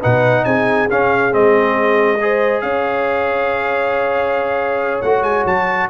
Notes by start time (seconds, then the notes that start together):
0.00 B2 D#4 B4 F#5
0.44 C4 G#4 G#5
0.89 C#4 F5
1.31 G#3 C4 D#5
2.21 G#4 C5
2.61 C#4 C#5 F5
5.01 A3 F#4 F#5
5.21 G#3 G#5
5.45 F#3 A5